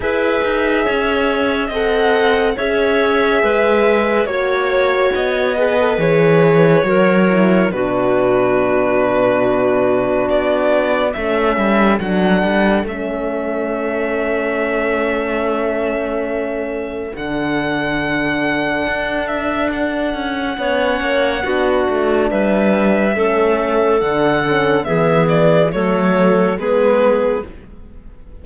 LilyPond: <<
  \new Staff \with { instrumentName = "violin" } { \time 4/4 \tempo 4 = 70 e''2 fis''4 e''4~ | e''4 cis''4 dis''4 cis''4~ | cis''4 b'2. | d''4 e''4 fis''4 e''4~ |
e''1 | fis''2~ fis''8 e''8 fis''4~ | fis''2 e''2 | fis''4 e''8 d''8 cis''4 b'4 | }
  \new Staff \with { instrumentName = "clarinet" } { \time 4/4 b'4 cis''4 dis''4 cis''4 | b'4 cis''4. b'4. | ais'4 fis'2.~ | fis'4 a'2.~ |
a'1~ | a'1 | cis''4 fis'4 b'4 a'4~ | a'4 gis'4 a'4 gis'4 | }
  \new Staff \with { instrumentName = "horn" } { \time 4/4 gis'2 a'4 gis'4~ | gis'4 fis'4. gis'16 a'16 gis'4 | fis'8 e'8 d'2.~ | d'4 cis'4 d'4 cis'4~ |
cis'1 | d'1 | cis'4 d'2 cis'4 | d'8 cis'8 b4 a4 b4 | }
  \new Staff \with { instrumentName = "cello" } { \time 4/4 e'8 dis'8 cis'4 c'4 cis'4 | gis4 ais4 b4 e4 | fis4 b,2. | b4 a8 g8 fis8 g8 a4~ |
a1 | d2 d'4. cis'8 | b8 ais8 b8 a8 g4 a4 | d4 e4 fis4 gis4 | }
>>